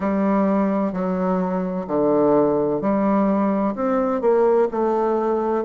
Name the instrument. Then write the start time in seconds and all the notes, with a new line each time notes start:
bassoon
0.00 G3
0.92 F#3
1.87 D3
2.81 G3
3.75 C4
4.21 A#3
4.71 A3